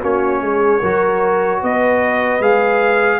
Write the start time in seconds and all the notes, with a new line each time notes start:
0.00 A#3 C#4 F#4 C#5
0.41 G#3 G#4
0.80 F#3 F#4 A#4
1.60 B3 B4 D#5
2.40 G#3 G#4 F5